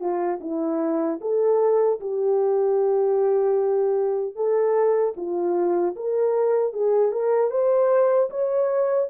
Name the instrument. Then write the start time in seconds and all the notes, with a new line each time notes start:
horn
0.00 F4
0.41 E4
1.21 A4
2.00 G4
4.35 A4
5.16 F4
5.96 A#4
6.73 G#4
7.12 A#4
7.51 C5
8.30 C#5